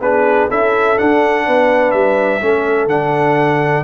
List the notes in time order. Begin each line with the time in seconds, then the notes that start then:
0.00 B3 D4 G#4 B4
0.49 C#4 E4 A4 E5
0.96 D4 F#5
1.46 B3 B4
1.91 G3 E5
2.41 A3 C#4 A4
2.86 D3 D4 F#5